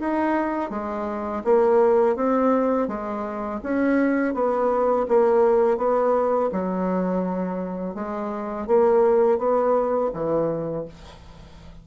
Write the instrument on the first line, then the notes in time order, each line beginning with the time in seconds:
bassoon
0.00 D#4
0.71 G#3
1.45 A#3
2.16 C4
2.88 G#3
3.63 C#4
4.34 B3
5.09 A#3
5.78 B3
6.53 F#3
7.95 G#3
8.67 A#3
9.38 B3
10.14 E3